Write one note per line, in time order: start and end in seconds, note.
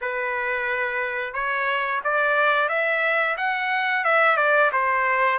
0.01 1.33 B4
1.33 2.01 C#5
2.04 2.68 D5
2.68 3.36 E5
3.37 4.04 F#5
4.04 4.36 E5
4.36 4.70 D5
4.72 5.38 C5